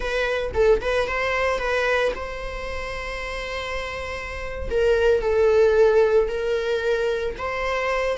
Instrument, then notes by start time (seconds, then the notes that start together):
viola
0.00 B4
0.54 A4
0.81 B4
1.08 C5
1.59 B4
2.15 C5
4.70 A#4
5.21 A4
6.28 A#4
7.38 C5